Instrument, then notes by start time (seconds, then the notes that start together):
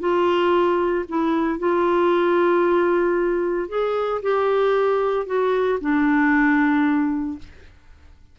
clarinet
0.00 F4
1.09 E4
1.59 F4
3.69 G#4
4.22 G4
5.26 F#4
5.81 D4